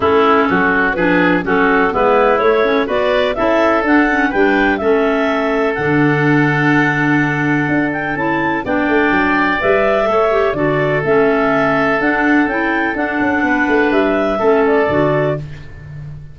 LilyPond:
<<
  \new Staff \with { instrumentName = "clarinet" } { \time 4/4 \tempo 4 = 125 a'2 b'4 a'4 | b'4 cis''4 d''4 e''4 | fis''4 g''4 e''2 | fis''1~ |
fis''8 g''8 a''4 g''2 | e''2 d''4 e''4~ | e''4 fis''4 g''4 fis''4~ | fis''4 e''4. d''4. | }
  \new Staff \with { instrumentName = "oboe" } { \time 4/4 e'4 fis'4 gis'4 fis'4 | e'2 b'4 a'4~ | a'4 b'4 a'2~ | a'1~ |
a'2 d''2~ | d''4 cis''4 a'2~ | a'1 | b'2 a'2 | }
  \new Staff \with { instrumentName = "clarinet" } { \time 4/4 cis'2 d'4 cis'4 | b4 a8 cis'8 fis'4 e'4 | d'8 cis'8 d'4 cis'2 | d'1~ |
d'4 e'4 d'2 | b'4 a'8 g'8 fis'4 cis'4~ | cis'4 d'4 e'4 d'4~ | d'2 cis'4 fis'4 | }
  \new Staff \with { instrumentName = "tuba" } { \time 4/4 a4 fis4 f4 fis4 | gis4 a4 b4 cis'4 | d'4 g4 a2 | d1 |
d'4 cis'4 b8 a8 fis4 | g4 a4 d4 a4~ | a4 d'4 cis'4 d'8 cis'8 | b8 a8 g4 a4 d4 | }
>>